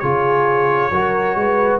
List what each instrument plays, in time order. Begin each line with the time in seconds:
0.00 tuba C#3, trombone F4, horn G#4, trumpet C#5
0.92 tuba F#3, trombone F#4, horn A#4
1.36 tuba G#3, horn B4